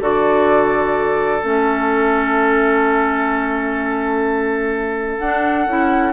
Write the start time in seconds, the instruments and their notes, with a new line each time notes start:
0.00 bassoon D3, clarinet F#4, oboe A4, flute D5
1.42 bassoon A3, clarinet C#4, flute E5
5.19 bassoon D4, clarinet D4, flute F#5
5.67 bassoon C#4, clarinet E4